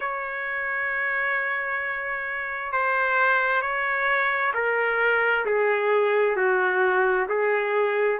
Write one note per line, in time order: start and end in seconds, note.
0.00 2.72 C#5
2.72 3.61 C5
3.61 4.52 C#5
4.54 5.45 A#4
5.45 6.36 G#4
6.36 7.27 F#4
7.28 8.19 G#4